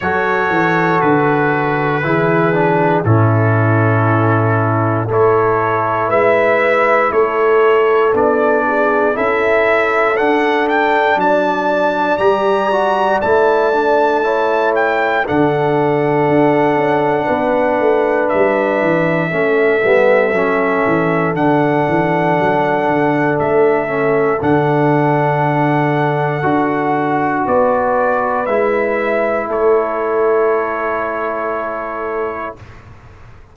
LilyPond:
<<
  \new Staff \with { instrumentName = "trumpet" } { \time 4/4 \tempo 4 = 59 cis''4 b'2 a'4~ | a'4 cis''4 e''4 cis''4 | d''4 e''4 fis''8 g''8 a''4 | ais''4 a''4. g''8 fis''4~ |
fis''2 e''2~ | e''4 fis''2 e''4 | fis''2. d''4 | e''4 cis''2. | }
  \new Staff \with { instrumentName = "horn" } { \time 4/4 a'2 gis'4 e'4~ | e'4 a'4 b'4 a'4~ | a'8 gis'8 a'2 d''4~ | d''2 cis''4 a'4~ |
a'4 b'2 a'4~ | a'1~ | a'2. b'4~ | b'4 a'2. | }
  \new Staff \with { instrumentName = "trombone" } { \time 4/4 fis'2 e'8 d'8 cis'4~ | cis'4 e'2. | d'4 e'4 d'2 | g'8 fis'8 e'8 d'8 e'4 d'4~ |
d'2. cis'8 b8 | cis'4 d'2~ d'8 cis'8 | d'2 fis'2 | e'1 | }
  \new Staff \with { instrumentName = "tuba" } { \time 4/4 fis8 e8 d4 e4 a,4~ | a,4 a4 gis4 a4 | b4 cis'4 d'4 fis4 | g4 a2 d4 |
d'8 cis'8 b8 a8 g8 e8 a8 g8 | fis8 e8 d8 e8 fis8 d8 a4 | d2 d'4 b4 | gis4 a2. | }
>>